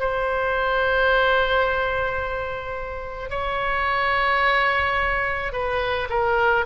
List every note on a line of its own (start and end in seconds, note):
0.00 3.30 C5
3.30 5.53 C#5
5.53 6.08 B4
6.10 6.65 A#4